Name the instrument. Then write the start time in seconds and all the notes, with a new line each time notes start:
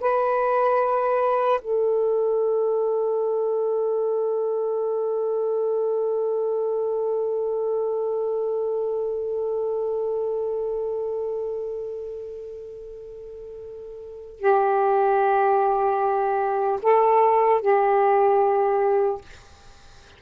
saxophone
0.00 B4
1.61 A4
14.39 G4
16.82 A4
17.61 G4